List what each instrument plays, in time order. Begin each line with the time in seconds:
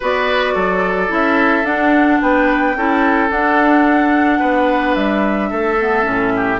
0.00 bassoon B3, clarinet F#4, oboe B4, flute D5
0.54 bassoon F#3, oboe A4
1.08 bassoon C#4, clarinet E4, flute E5
1.64 bassoon D4, clarinet D4, flute F#5
2.21 bassoon B3, oboe B4, flute G5
2.75 bassoon C#4, clarinet E4, oboe A4
3.29 clarinet D4, bassoon D4, flute F#5
4.39 bassoon B3, oboe B4
4.94 bassoon G3, flute E5
5.50 bassoon A3, oboe A4
5.79 clarinet B3
6.03 bassoon A2, clarinet C#4
6.36 oboe G4